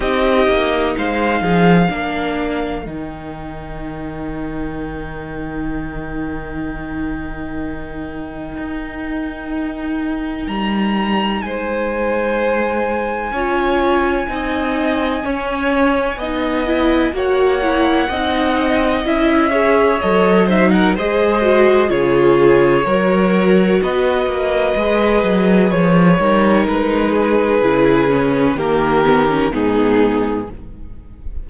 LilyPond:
<<
  \new Staff \with { instrumentName = "violin" } { \time 4/4 \tempo 4 = 63 dis''4 f''2 g''4~ | g''1~ | g''2. ais''4 | gis''1~ |
gis''2 fis''2 | e''4 dis''8 e''16 fis''16 dis''4 cis''4~ | cis''4 dis''2 cis''4 | b'2 ais'4 gis'4 | }
  \new Staff \with { instrumentName = "violin" } { \time 4/4 g'4 c''8 gis'8 ais'2~ | ais'1~ | ais'1 | c''2 cis''4 dis''4 |
cis''4 dis''4 cis''4 dis''4~ | dis''8 cis''4 c''16 ais'16 c''4 gis'4 | ais'4 b'2~ b'8 ais'8~ | ais'8 gis'4. g'4 dis'4 | }
  \new Staff \with { instrumentName = "viola" } { \time 4/4 dis'2 d'4 dis'4~ | dis'1~ | dis'1~ | dis'2 f'4 dis'4 |
cis'4 dis'8 e'8 fis'8 e'8 dis'4 | e'8 gis'8 a'8 dis'8 gis'8 fis'8 f'4 | fis'2 gis'4. dis'8~ | dis'4 e'8 cis'8 ais8 b16 cis'16 b4 | }
  \new Staff \with { instrumentName = "cello" } { \time 4/4 c'8 ais8 gis8 f8 ais4 dis4~ | dis1~ | dis4 dis'2 g4 | gis2 cis'4 c'4 |
cis'4 b4 ais4 c'4 | cis'4 fis4 gis4 cis4 | fis4 b8 ais8 gis8 fis8 f8 g8 | gis4 cis4 dis4 gis,4 | }
>>